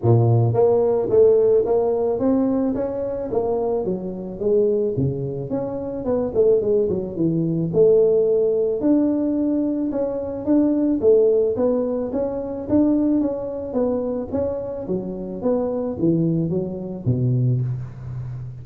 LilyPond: \new Staff \with { instrumentName = "tuba" } { \time 4/4 \tempo 4 = 109 ais,4 ais4 a4 ais4 | c'4 cis'4 ais4 fis4 | gis4 cis4 cis'4 b8 a8 | gis8 fis8 e4 a2 |
d'2 cis'4 d'4 | a4 b4 cis'4 d'4 | cis'4 b4 cis'4 fis4 | b4 e4 fis4 b,4 | }